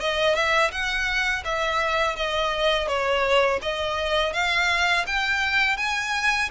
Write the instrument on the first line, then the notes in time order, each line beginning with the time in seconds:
violin
0.00 D#5
0.35 E5
0.71 F#5
1.45 E5
2.16 D#5
2.88 C#5
3.62 D#5
4.33 F5
5.07 G5
5.77 G#5